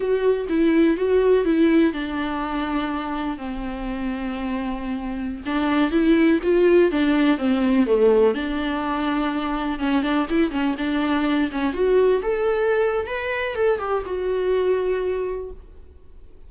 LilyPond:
\new Staff \with { instrumentName = "viola" } { \time 4/4 \tempo 4 = 124 fis'4 e'4 fis'4 e'4 | d'2. c'4~ | c'2.~ c'16 d'8.~ | d'16 e'4 f'4 d'4 c'8.~ |
c'16 a4 d'2~ d'8.~ | d'16 cis'8 d'8 e'8 cis'8 d'4. cis'16~ | cis'16 fis'4 a'4.~ a'16 b'4 | a'8 g'8 fis'2. | }